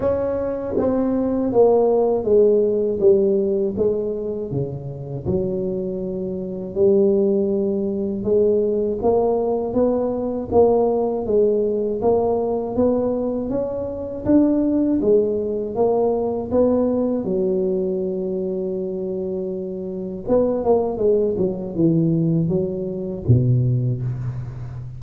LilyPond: \new Staff \with { instrumentName = "tuba" } { \time 4/4 \tempo 4 = 80 cis'4 c'4 ais4 gis4 | g4 gis4 cis4 fis4~ | fis4 g2 gis4 | ais4 b4 ais4 gis4 |
ais4 b4 cis'4 d'4 | gis4 ais4 b4 fis4~ | fis2. b8 ais8 | gis8 fis8 e4 fis4 b,4 | }